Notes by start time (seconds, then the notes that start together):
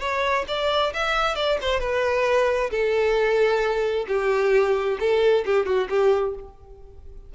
0.00 C#5
0.48 D5
0.94 E5
1.36 D5
1.62 C5
1.80 B4
2.71 A4
4.08 G4
5.00 A4
5.46 G4
5.66 F#4
5.90 G4